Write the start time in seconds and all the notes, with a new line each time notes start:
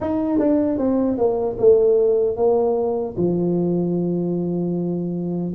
0.00 D#4
0.38 D4
0.78 C4
1.17 A#3
1.58 A3
2.36 A#3
3.17 F3